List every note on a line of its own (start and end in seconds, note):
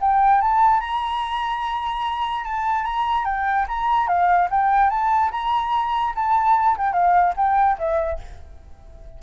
0.00 0.41 G5
0.41 0.80 A5
0.80 2.44 A#5
2.44 2.84 A5
2.84 3.24 A#5
3.24 3.66 G5
3.68 4.07 A#5
4.07 4.48 F5
4.50 4.89 G5
4.89 5.31 A5
5.31 6.13 A#5
6.15 6.76 A5
6.77 6.92 G5
6.92 7.33 F5
7.36 7.77 G5
7.78 8.19 E5